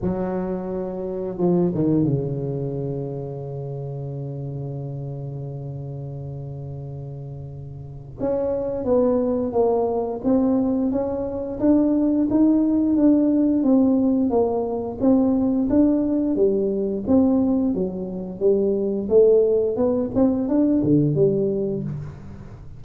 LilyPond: \new Staff \with { instrumentName = "tuba" } { \time 4/4 \tempo 4 = 88 fis2 f8 dis8 cis4~ | cis1~ | cis1 | cis'4 b4 ais4 c'4 |
cis'4 d'4 dis'4 d'4 | c'4 ais4 c'4 d'4 | g4 c'4 fis4 g4 | a4 b8 c'8 d'8 d8 g4 | }